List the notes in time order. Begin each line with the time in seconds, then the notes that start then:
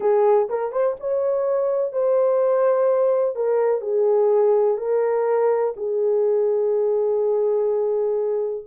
0.00 G#4
0.49 A#4
0.72 C5
0.99 C#5
1.92 C5
3.35 A#4
3.81 G#4
4.77 A#4
5.76 G#4